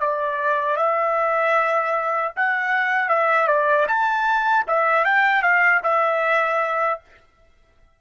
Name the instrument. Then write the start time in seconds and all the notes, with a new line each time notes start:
trumpet
0.00 D5
0.77 E5
2.36 F#5
3.09 E5
3.47 D5
3.88 A5
4.67 E5
5.05 G5
5.42 F5
5.83 E5